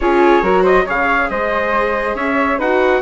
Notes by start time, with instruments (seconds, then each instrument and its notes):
0.00 bassoon C#4, viola F4, flute G#4, trumpet C#5
0.42 bassoon F#3, viola F#4, flute A#4
0.62 flute C5, trumpet D#5
0.85 bassoon C#3, viola G#4, flute C#5, trumpet F5
1.30 bassoon G#3, flute C5, trumpet D#5
2.14 bassoon C#4, flute C#5, trumpet E5
2.58 bassoon D#4, viola F#4, flute B4, trumpet F#5